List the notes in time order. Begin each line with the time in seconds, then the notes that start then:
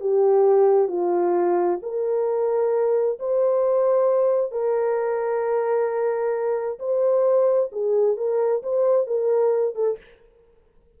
0.00 G4
0.88 F4
1.82 A#4
3.19 C5
4.51 A#4
6.79 C5
7.71 G#4
8.16 A#4
8.62 C5
9.07 A#4
9.75 A4